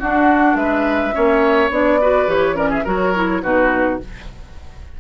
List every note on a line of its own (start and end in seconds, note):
0.00 0.55 D4
0.00 1.13 D4
0.00 0.57 F#4
0.00 0.56 F#5
0.55 1.12 G#3
0.55 1.15 B4
0.55 1.70 E5
1.13 1.70 A#3
1.13 1.70 C#4
1.13 2.01 C#5
1.70 2.27 B3
1.70 2.00 D4
1.70 2.30 D5
2.01 2.27 F#4
2.01 2.56 B4
2.27 2.84 E3
2.27 2.55 G4
2.27 2.57 C#5
2.55 2.84 C#4
2.55 2.70 A#4
2.55 2.71 D5
2.70 2.84 G#4
2.70 2.86 E5
2.85 3.43 F#3
2.85 3.14 F#4
2.85 3.42 A#4
2.85 3.43 C#5
3.15 3.43 E4
3.43 4.00 B2
3.43 4.00 D#4
3.43 4.00 F#4
3.43 4.00 B4